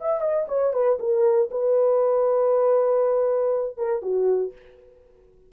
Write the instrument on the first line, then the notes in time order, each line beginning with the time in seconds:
horn
0.00 E5
0.21 D#5
0.47 C#5
0.73 B4
0.99 A#4
1.50 B4
3.77 A#4
4.02 F#4